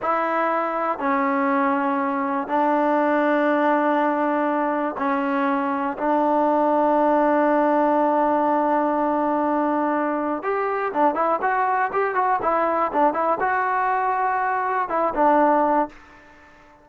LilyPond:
\new Staff \with { instrumentName = "trombone" } { \time 4/4 \tempo 4 = 121 e'2 cis'2~ | cis'4 d'2.~ | d'2 cis'2 | d'1~ |
d'1~ | d'4 g'4 d'8 e'8 fis'4 | g'8 fis'8 e'4 d'8 e'8 fis'4~ | fis'2 e'8 d'4. | }